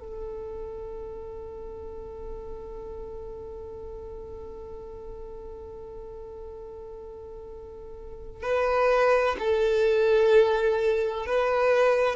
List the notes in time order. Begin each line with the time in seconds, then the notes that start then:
0.00 A4
8.43 B4
9.39 A4
11.27 B4